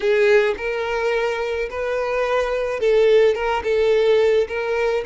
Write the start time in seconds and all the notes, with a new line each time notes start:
0.00 G#4
0.57 A#4
1.69 B4
2.79 A4
3.34 A#4
3.63 A4
4.48 A#4